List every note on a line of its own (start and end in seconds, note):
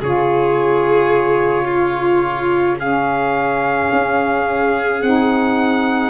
0.00 3.90 C#3
0.00 2.78 F4
0.00 1.64 G#4
0.00 2.80 C#5
1.64 2.75 F4
2.78 5.00 C#4
2.78 6.09 G#4
2.78 5.02 F5
3.92 5.02 C#4
5.02 6.09 C4
5.02 6.09 D#4
5.02 6.09 F#5